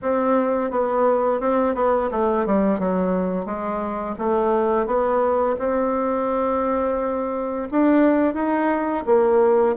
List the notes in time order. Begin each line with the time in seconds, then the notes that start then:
0.02 C4
0.70 B3
1.40 C4
1.74 B3
2.11 A3
2.46 G3
2.79 F#3
3.45 G#3
4.18 A3
4.86 B3
5.58 C4
7.71 D4
8.34 D#4
9.06 A#3